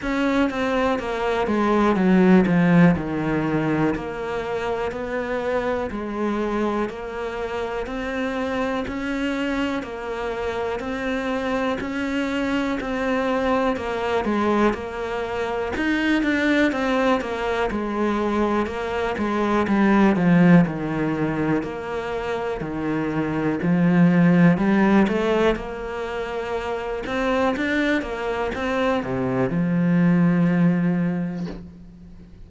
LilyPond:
\new Staff \with { instrumentName = "cello" } { \time 4/4 \tempo 4 = 61 cis'8 c'8 ais8 gis8 fis8 f8 dis4 | ais4 b4 gis4 ais4 | c'4 cis'4 ais4 c'4 | cis'4 c'4 ais8 gis8 ais4 |
dis'8 d'8 c'8 ais8 gis4 ais8 gis8 | g8 f8 dis4 ais4 dis4 | f4 g8 a8 ais4. c'8 | d'8 ais8 c'8 c8 f2 | }